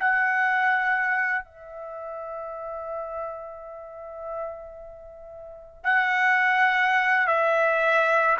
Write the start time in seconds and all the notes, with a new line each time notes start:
0.00 F#5
1.45 E5
5.84 F#5
7.28 E5